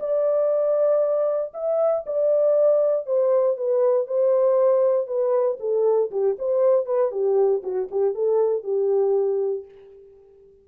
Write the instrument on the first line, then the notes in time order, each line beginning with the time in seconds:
horn
0.00 D5
1.54 E5
2.06 D5
3.06 C5
3.57 B4
4.07 C5
5.07 B4
5.60 A4
6.11 G4
6.39 C5
6.86 B4
7.11 G4
7.63 F#4
7.91 G4
8.15 A4
8.63 G4